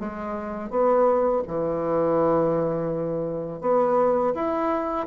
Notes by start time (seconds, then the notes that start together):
0.00 G#3
0.71 B3
1.48 E3
3.61 B3
4.35 E4